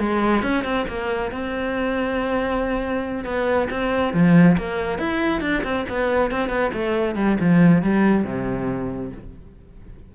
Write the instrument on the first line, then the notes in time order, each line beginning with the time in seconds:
cello
0.00 G#3
0.43 C#4
0.65 C4
0.89 A#3
1.32 C4
3.25 B3
3.71 C4
4.14 F3
4.58 A#3
4.99 E4
5.42 D4
5.64 C4
5.90 B3
6.31 C4
6.50 B3
6.73 A3
7.16 G3
7.41 F3
7.83 G3
8.25 C3